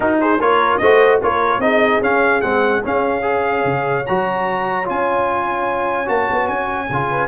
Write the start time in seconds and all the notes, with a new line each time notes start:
0.00 D#4 F#4 A#4
0.20 G#4 C5
0.39 A#3 F4 A#4 C#5
0.77 A3 F#4 C5 D#5
1.21 A#3 F4 A#4 C#5
1.58 C4 D#4 G#4 D#5
2.01 C#4 F5
2.41 G#3 C4 F#5
2.82 C#4 F5
3.22 G#4 C#5
3.64 C#3
4.06 F#3 F#4 A#5
4.85 C#4 F4 G#5
6.05 A#3 F#4 A5
6.31 B3
6.47 C#4 G#5
6.89 C#3 F4
7.10 B4